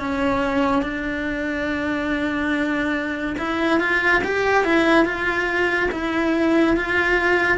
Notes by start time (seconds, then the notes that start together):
0.00 C#4
0.83 D4
3.39 E4
3.81 F4
4.24 G4
4.65 E4
5.06 F4
5.92 E4
6.77 F4